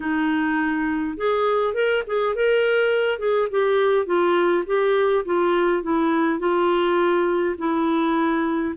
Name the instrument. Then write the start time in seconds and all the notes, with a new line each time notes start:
clarinet
0.00 D#4
1.17 G#4
1.74 A#4
2.06 G#4
2.35 A#4
3.19 G#4
3.50 G4
4.05 F4
4.66 G4
5.25 F4
5.83 E4
6.39 F4
7.57 E4